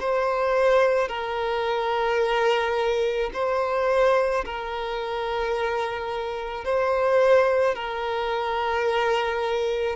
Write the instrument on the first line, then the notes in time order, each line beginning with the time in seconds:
violin
0.00 C5
1.09 A#4
3.34 C5
4.45 A#4
6.65 C5
7.75 A#4